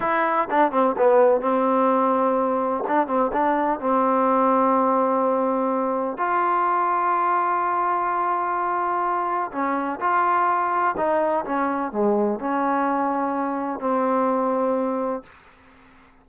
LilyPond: \new Staff \with { instrumentName = "trombone" } { \time 4/4 \tempo 4 = 126 e'4 d'8 c'8 b4 c'4~ | c'2 d'8 c'8 d'4 | c'1~ | c'4 f'2.~ |
f'1 | cis'4 f'2 dis'4 | cis'4 gis4 cis'2~ | cis'4 c'2. | }